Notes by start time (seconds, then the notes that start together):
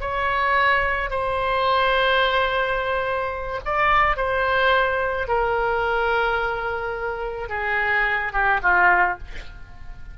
0.00 C#5
1.10 C5
3.65 D5
4.17 C5
5.28 A#4
7.49 G#4
8.33 G4
8.63 F4